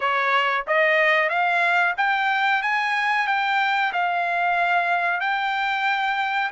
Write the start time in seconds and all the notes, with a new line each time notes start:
0.00 C#5
0.67 D#5
1.29 F5
1.97 G5
2.62 G#5
3.27 G5
3.92 F5
5.20 G5